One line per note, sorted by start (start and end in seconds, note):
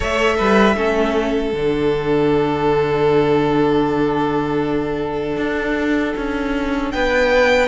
0.00 0.39 A3
0.00 0.76 A4
0.00 0.36 C#5
0.00 1.54 E5
0.37 0.75 G3
0.37 0.76 B4
0.75 1.52 A3
0.75 1.53 C#4
0.75 6.92 A4
1.53 5.37 D3
1.53 7.67 D4
1.53 6.91 F#5
5.37 6.13 D4
6.16 6.93 C#4
6.91 7.67 B3
6.91 7.67 B4
6.91 7.67 G5